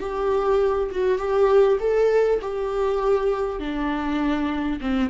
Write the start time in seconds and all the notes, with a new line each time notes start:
0.00 G4
0.92 F#4
1.19 G4
1.80 A4
2.42 G4
3.60 D4
4.81 C4